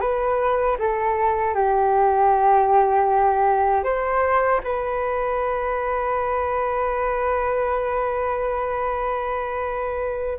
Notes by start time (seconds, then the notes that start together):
0.00 B4
0.79 A4
1.54 G4
3.83 C5
4.63 B4